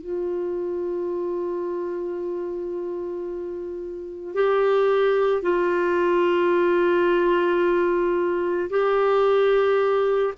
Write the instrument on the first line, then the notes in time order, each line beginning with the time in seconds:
clarinet
0.00 F4
4.34 G4
5.42 F4
8.70 G4